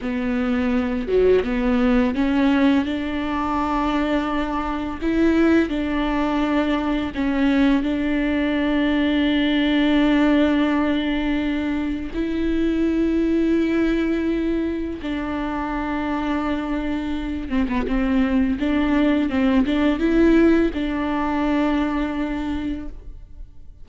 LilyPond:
\new Staff \with { instrumentName = "viola" } { \time 4/4 \tempo 4 = 84 b4. fis8 b4 cis'4 | d'2. e'4 | d'2 cis'4 d'4~ | d'1~ |
d'4 e'2.~ | e'4 d'2.~ | d'8 c'16 b16 c'4 d'4 c'8 d'8 | e'4 d'2. | }